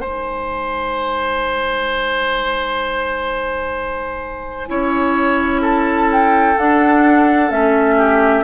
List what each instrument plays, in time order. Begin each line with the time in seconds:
0.00 bassoon G#3, clarinet D#4, oboe C5, flute G#5
4.68 bassoon C#4, clarinet E4, oboe C#5
5.61 oboe A4, flute A5
6.12 flute G5
6.57 bassoon D4, clarinet D4, flute F#5
7.50 bassoon A3, clarinet C#4, flute E5
7.97 oboe G4